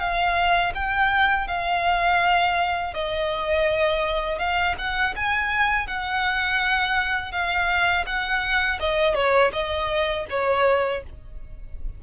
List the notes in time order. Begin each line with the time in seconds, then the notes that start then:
0.00 F5
0.75 G5
1.48 F5
2.94 D#5
4.39 F5
4.79 F#5
5.16 G#5
5.87 F#5
7.32 F5
8.07 F#5
8.80 D#5
9.15 C#5
9.53 D#5
10.30 C#5